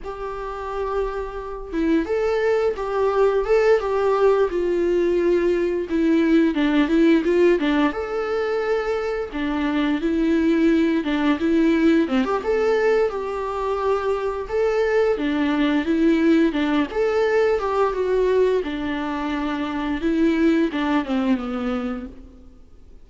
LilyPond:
\new Staff \with { instrumentName = "viola" } { \time 4/4 \tempo 4 = 87 g'2~ g'8 e'8 a'4 | g'4 a'8 g'4 f'4.~ | f'8 e'4 d'8 e'8 f'8 d'8 a'8~ | a'4. d'4 e'4. |
d'8 e'4 c'16 g'16 a'4 g'4~ | g'4 a'4 d'4 e'4 | d'8 a'4 g'8 fis'4 d'4~ | d'4 e'4 d'8 c'8 b4 | }